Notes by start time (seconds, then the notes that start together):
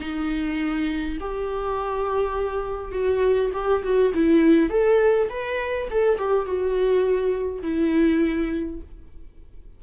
0.00 D#4
1.20 G4
2.91 F#4
3.53 G4
3.83 F#4
4.14 E4
4.70 A4
5.29 B4
5.90 A4
6.18 G4
6.45 F#4
7.62 E4